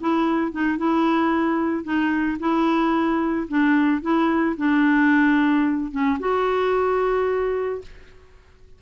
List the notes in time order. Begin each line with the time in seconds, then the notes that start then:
0.00 E4
0.52 D#4
0.78 E4
1.84 D#4
2.39 E4
3.48 D4
4.02 E4
4.57 D4
5.91 C#4
6.19 F#4